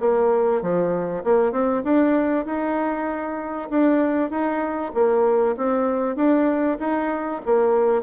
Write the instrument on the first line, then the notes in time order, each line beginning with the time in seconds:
bassoon
0.00 A#3
0.62 F3
1.24 A#3
1.52 C4
1.84 D4
2.45 D#4
3.70 D4
4.30 D#4
4.94 A#3
5.57 C4
6.16 D4
6.80 D#4
7.46 A#3